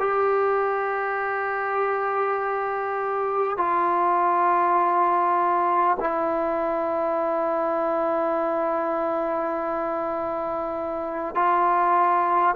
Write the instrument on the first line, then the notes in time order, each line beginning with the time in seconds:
trombone
0.00 G4
3.58 F4
6.00 E4
11.36 F4